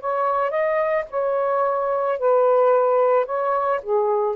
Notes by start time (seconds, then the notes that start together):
0.00 C#5
0.50 D#5
1.10 C#5
2.18 B4
3.25 C#5
3.82 G#4